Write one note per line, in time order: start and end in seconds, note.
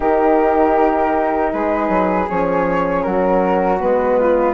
0.00 1.51 D#3
0.00 2.27 D#4
0.00 1.51 G4
0.00 1.52 A#4
1.52 1.88 G#3
1.52 3.05 G#4
1.52 2.28 B4
1.88 2.26 F#3
2.27 3.05 F3
2.27 3.79 C#4
2.27 3.02 C#5
3.02 3.81 F#3
3.02 4.19 F#4
3.02 3.78 A#4
3.79 4.53 G#3
3.79 4.53 B3
3.79 4.53 B4
4.19 4.53 F4